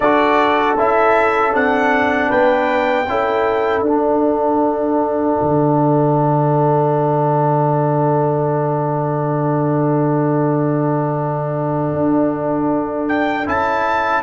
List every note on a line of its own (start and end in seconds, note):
0.00 0.76 D4
0.00 0.78 F#4
0.00 2.29 A4
0.00 0.77 D5
0.76 1.53 C#4
0.76 1.52 E4
0.76 1.55 E5
1.52 2.30 C4
1.52 3.06 D4
1.52 2.31 F#5
2.29 3.07 B3
2.29 3.06 B4
2.29 3.83 G5
3.07 3.81 C#4
3.07 3.85 E4
3.07 14.23 A4
3.81 5.35 D4
3.81 13.46 D4
3.81 13.06 F#5
5.42 11.92 D3
11.92 13.46 D4
13.08 13.47 G5
13.46 14.23 C#4
13.46 14.23 E4
13.46 14.23 A5